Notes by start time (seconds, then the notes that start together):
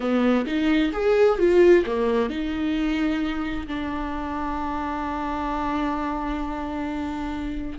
0.00 B3
0.46 D#4
0.92 G#4
1.39 F4
1.85 A#3
2.29 D#4
3.67 D4